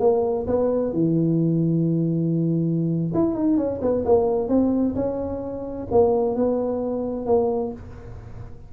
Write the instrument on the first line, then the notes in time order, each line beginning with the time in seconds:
tuba
0.00 A#3
0.47 B3
0.93 E3
3.14 E4
3.35 D#4
3.57 C#4
3.82 B3
4.06 A#3
4.49 C4
4.95 C#4
5.91 A#3
6.36 B3
7.26 A#3